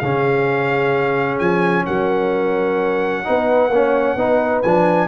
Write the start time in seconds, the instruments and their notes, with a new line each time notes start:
0.00 tuba C#3, trombone C#4, horn G#4, trumpet F5
1.39 tuba F3, trumpet G#5
1.86 tuba F#3, horn A#4, trumpet F#5
3.25 tuba B3, trombone D#4, horn B4
3.69 tuba A#3, trombone C#4, horn C#5
4.16 tuba B3, trombone D#4, horn B4
4.63 tuba F3, trombone D4, trumpet G#5